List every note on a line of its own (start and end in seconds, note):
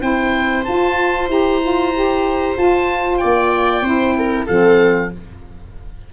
0.00 0.65 C4
0.00 0.64 E4
0.00 3.21 C5
0.00 0.64 G5
0.64 1.29 F4
0.64 1.28 F4
0.64 1.28 A5
1.28 2.56 E4
1.28 1.61 G4
1.28 2.58 A#5
1.61 1.93 F4
1.94 2.56 G4
2.56 3.83 F4
2.56 3.21 F4
2.56 3.18 A5
3.18 3.81 A#3
3.18 3.84 D5
3.18 4.45 G5
3.81 4.45 C4
3.81 4.47 E4
3.81 4.16 C5
4.18 4.46 A#4
4.46 5.13 F3
4.46 5.12 C4
4.46 5.10 A4
4.46 5.11 F5